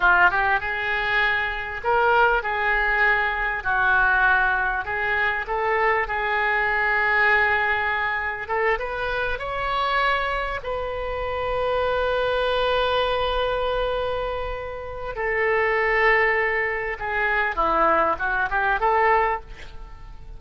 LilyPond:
\new Staff \with { instrumentName = "oboe" } { \time 4/4 \tempo 4 = 99 f'8 g'8 gis'2 ais'4 | gis'2 fis'2 | gis'4 a'4 gis'2~ | gis'2 a'8 b'4 cis''8~ |
cis''4. b'2~ b'8~ | b'1~ | b'4 a'2. | gis'4 e'4 fis'8 g'8 a'4 | }